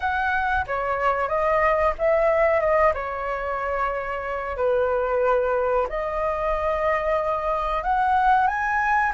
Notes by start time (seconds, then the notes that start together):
0.00 F#5
0.66 C#5
1.28 D#5
1.98 E5
2.60 D#5
2.93 C#5
4.57 B4
5.89 D#5
7.83 F#5
8.47 G#5